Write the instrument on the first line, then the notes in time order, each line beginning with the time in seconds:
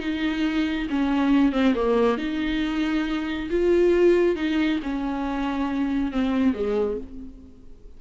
viola
0.00 D#4
0.90 C#4
1.52 C4
1.75 A#3
2.18 D#4
3.51 F4
4.36 D#4
4.83 C#4
6.12 C4
6.54 G#3